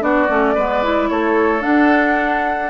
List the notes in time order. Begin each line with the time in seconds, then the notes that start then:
0.00 B3 D4 F#4 D5
0.29 A3 C#4
0.55 G#3 B3 B4
0.83 E4
1.09 A3 A4 C#5
1.60 D4 F#5